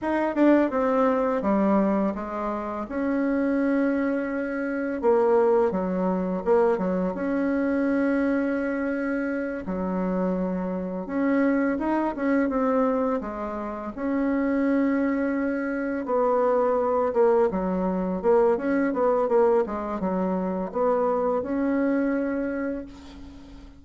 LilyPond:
\new Staff \with { instrumentName = "bassoon" } { \time 4/4 \tempo 4 = 84 dis'8 d'8 c'4 g4 gis4 | cis'2. ais4 | fis4 ais8 fis8 cis'2~ | cis'4. fis2 cis'8~ |
cis'8 dis'8 cis'8 c'4 gis4 cis'8~ | cis'2~ cis'8 b4. | ais8 fis4 ais8 cis'8 b8 ais8 gis8 | fis4 b4 cis'2 | }